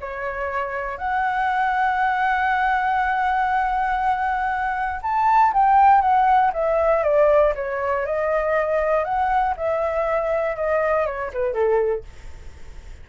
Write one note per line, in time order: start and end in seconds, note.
0.00 0.97 C#5
0.97 5.01 F#5
5.02 5.53 A5
5.53 6.01 G5
6.01 6.52 F#5
6.53 7.03 E5
7.03 7.53 D5
7.55 8.05 C#5
8.05 9.04 D#5
9.04 9.55 F#5
9.56 10.56 E5
10.56 11.06 D#5
11.06 11.31 C#5
11.33 11.53 B4
11.53 12.04 A4